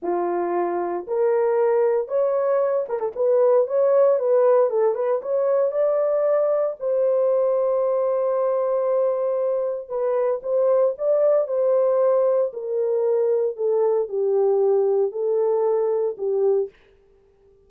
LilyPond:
\new Staff \with { instrumentName = "horn" } { \time 4/4 \tempo 4 = 115 f'2 ais'2 | cis''4. ais'16 a'16 b'4 cis''4 | b'4 a'8 b'8 cis''4 d''4~ | d''4 c''2.~ |
c''2. b'4 | c''4 d''4 c''2 | ais'2 a'4 g'4~ | g'4 a'2 g'4 | }